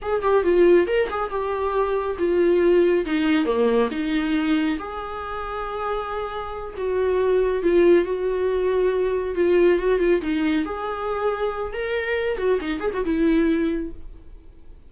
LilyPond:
\new Staff \with { instrumentName = "viola" } { \time 4/4 \tempo 4 = 138 gis'8 g'8 f'4 ais'8 gis'8 g'4~ | g'4 f'2 dis'4 | ais4 dis'2 gis'4~ | gis'2.~ gis'8 fis'8~ |
fis'4. f'4 fis'4.~ | fis'4. f'4 fis'8 f'8 dis'8~ | dis'8 gis'2~ gis'8 ais'4~ | ais'8 fis'8 dis'8 gis'16 fis'16 e'2 | }